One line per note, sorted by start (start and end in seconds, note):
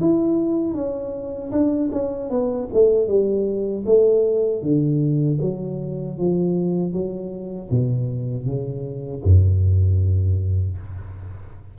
0.00 0.74 E4
0.74 1.51 C#4
1.51 1.90 D4
1.92 2.30 C#4
2.30 2.68 B3
2.73 3.07 A3
3.07 3.84 G3
3.85 4.62 A3
4.62 5.38 D3
5.41 6.17 F#3
6.17 6.93 F3
6.93 7.70 F#3
7.70 8.45 B2
8.45 9.22 C#3
9.23 10.77 F#2